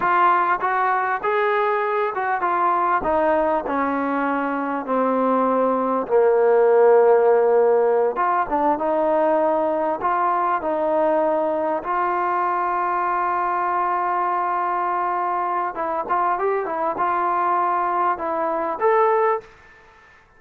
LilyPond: \new Staff \with { instrumentName = "trombone" } { \time 4/4 \tempo 4 = 99 f'4 fis'4 gis'4. fis'8 | f'4 dis'4 cis'2 | c'2 ais2~ | ais4. f'8 d'8 dis'4.~ |
dis'8 f'4 dis'2 f'8~ | f'1~ | f'2 e'8 f'8 g'8 e'8 | f'2 e'4 a'4 | }